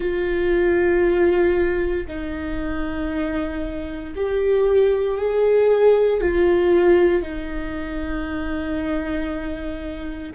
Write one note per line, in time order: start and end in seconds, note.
0.00 2.06 F4
2.07 4.14 D#4
4.15 5.17 G4
5.17 6.20 G#4
6.20 7.22 F4
7.22 10.33 D#4